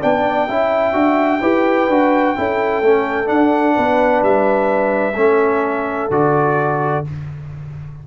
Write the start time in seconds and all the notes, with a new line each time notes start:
0.00 B3 D4 D5 G5
0.48 C#4 E4 E5
0.93 D4 F#4
1.41 E4 G4 B4
1.88 D4 F#4
2.36 C#4 E4 A4
2.82 A3 C#4
3.25 D4 F#5
3.75 B3 B4
4.22 G3 E5
5.15 A3 C#4 A4
6.10 D3 F#4 D5